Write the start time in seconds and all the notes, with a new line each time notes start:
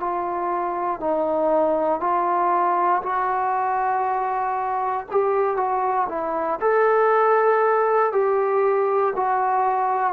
0.00 F4
1.01 D#4
2.01 F4
3.03 F#4
5.11 G4
5.57 F#4
6.09 E4
6.61 A4
8.13 G4
9.16 F#4